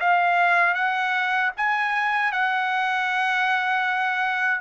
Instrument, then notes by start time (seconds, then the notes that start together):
trumpet
0.00 F5
0.74 F#5
1.57 G#5
2.32 F#5